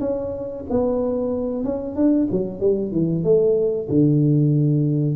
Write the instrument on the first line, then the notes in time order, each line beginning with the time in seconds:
tuba
0.00 C#4
0.70 B3
1.64 C#4
1.96 D4
2.31 F#3
2.60 G3
2.92 E3
3.24 A3
3.89 D3